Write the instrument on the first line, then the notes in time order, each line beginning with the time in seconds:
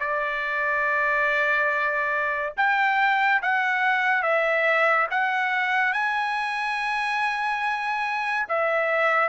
trumpet
0.00 D5
2.57 G5
3.43 F#5
4.23 E5
5.11 F#5
5.93 G#5
8.49 E5